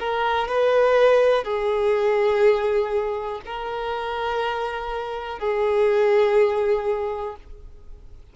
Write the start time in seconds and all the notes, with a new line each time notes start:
0.00 A#4
0.48 B4
1.44 G#4
3.46 A#4
5.40 G#4